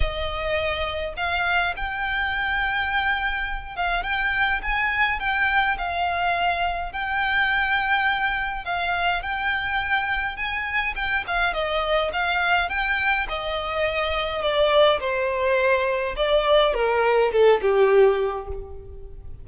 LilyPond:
\new Staff \with { instrumentName = "violin" } { \time 4/4 \tempo 4 = 104 dis''2 f''4 g''4~ | g''2~ g''8 f''8 g''4 | gis''4 g''4 f''2 | g''2. f''4 |
g''2 gis''4 g''8 f''8 | dis''4 f''4 g''4 dis''4~ | dis''4 d''4 c''2 | d''4 ais'4 a'8 g'4. | }